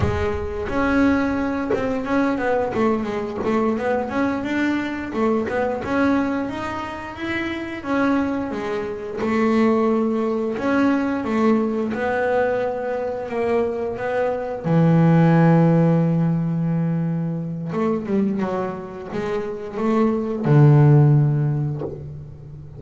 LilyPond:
\new Staff \with { instrumentName = "double bass" } { \time 4/4 \tempo 4 = 88 gis4 cis'4. c'8 cis'8 b8 | a8 gis8 a8 b8 cis'8 d'4 a8 | b8 cis'4 dis'4 e'4 cis'8~ | cis'8 gis4 a2 cis'8~ |
cis'8 a4 b2 ais8~ | ais8 b4 e2~ e8~ | e2 a8 g8 fis4 | gis4 a4 d2 | }